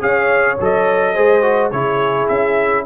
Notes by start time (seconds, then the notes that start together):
0.00 C#4 G#4 C#5 F5
0.60 F#3 A4 D#5
1.14 G#3 G#4 C5
1.42 F#4
1.71 C#3 E4 G#4 C#5
2.28 C#4 E5